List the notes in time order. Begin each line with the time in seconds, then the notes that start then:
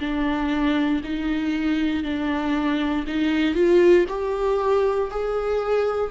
0.00 D4
1.04 D#4
2.04 D4
3.07 D#4
3.55 F4
4.09 G4
5.11 G#4